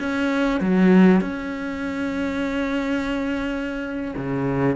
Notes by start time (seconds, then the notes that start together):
0.00 C#4
0.61 F#3
1.21 C#4
4.17 C#3